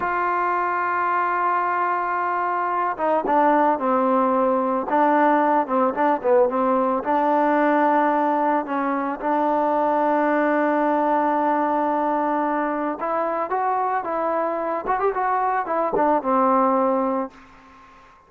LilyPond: \new Staff \with { instrumentName = "trombone" } { \time 4/4 \tempo 4 = 111 f'1~ | f'4. dis'8 d'4 c'4~ | c'4 d'4. c'8 d'8 b8 | c'4 d'2. |
cis'4 d'2.~ | d'1 | e'4 fis'4 e'4. fis'16 g'16 | fis'4 e'8 d'8 c'2 | }